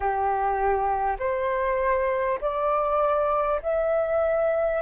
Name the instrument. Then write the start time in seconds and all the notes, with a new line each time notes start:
flute
0.00 G4
1.19 C5
2.41 D5
3.62 E5